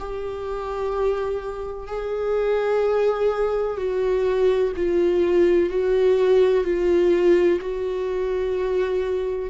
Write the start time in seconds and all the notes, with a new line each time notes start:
0.00 G4
1.88 G#4
3.77 F#4
4.77 F4
5.70 F#4
6.65 F4
7.61 F#4